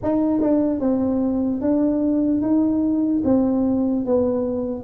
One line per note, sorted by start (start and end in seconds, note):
0.02 0.41 D#4
0.41 0.80 D4
0.80 1.61 C4
1.61 2.41 D4
2.41 3.22 D#4
3.24 4.05 C4
4.05 4.84 B3